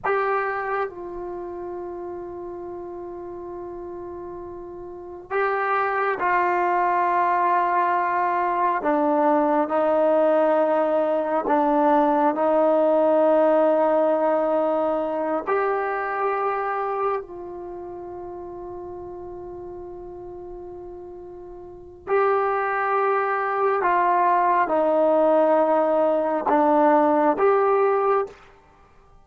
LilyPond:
\new Staff \with { instrumentName = "trombone" } { \time 4/4 \tempo 4 = 68 g'4 f'2.~ | f'2 g'4 f'4~ | f'2 d'4 dis'4~ | dis'4 d'4 dis'2~ |
dis'4. g'2 f'8~ | f'1~ | f'4 g'2 f'4 | dis'2 d'4 g'4 | }